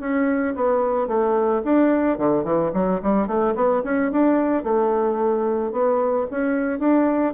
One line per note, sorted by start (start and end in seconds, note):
0.00 0.55 C#4
0.55 1.07 B3
1.07 1.62 A3
1.64 2.18 D4
2.18 2.44 D3
2.44 2.71 E3
2.73 3.00 F#3
3.02 3.27 G3
3.27 3.54 A3
3.55 3.82 B3
3.84 4.11 C#4
4.11 4.63 D4
4.63 5.72 A3
5.72 6.27 B3
6.30 6.79 C#4
6.79 7.34 D4